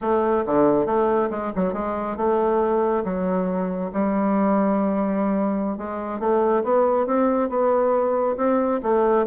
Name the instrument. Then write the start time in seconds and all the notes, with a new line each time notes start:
bassoon
0.01 A3
0.46 D3
0.85 A3
1.30 G#3
1.55 F#3
1.73 G#3
2.17 A3
3.04 F#3
3.92 G3
5.77 G#3
6.19 A3
6.63 B3
7.06 C4
7.49 B3
8.37 C4
8.82 A3